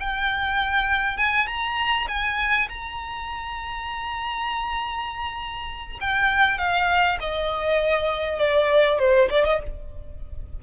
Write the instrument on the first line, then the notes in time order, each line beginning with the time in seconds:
violin
0.00 G5
1.18 G#5
1.47 A#5
2.08 G#5
2.69 A#5
6.01 G5
6.58 F5
7.20 D#5
8.39 D5
8.99 C5
9.30 D5
9.45 D#5